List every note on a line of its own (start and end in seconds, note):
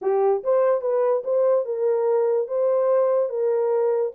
0.01 0.43 G4
0.43 0.81 C5
0.81 1.22 B4
1.23 1.65 C5
1.65 2.47 A#4
2.47 3.29 C5
3.29 4.12 A#4